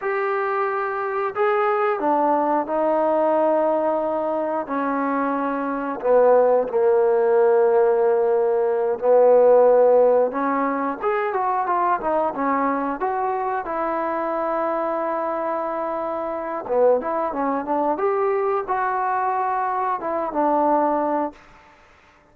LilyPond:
\new Staff \with { instrumentName = "trombone" } { \time 4/4 \tempo 4 = 90 g'2 gis'4 d'4 | dis'2. cis'4~ | cis'4 b4 ais2~ | ais4. b2 cis'8~ |
cis'8 gis'8 fis'8 f'8 dis'8 cis'4 fis'8~ | fis'8 e'2.~ e'8~ | e'4 b8 e'8 cis'8 d'8 g'4 | fis'2 e'8 d'4. | }